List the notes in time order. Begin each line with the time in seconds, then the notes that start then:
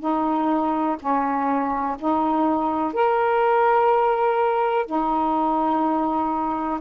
0.00 D#4
1.00 C#4
1.99 D#4
2.93 A#4
4.87 D#4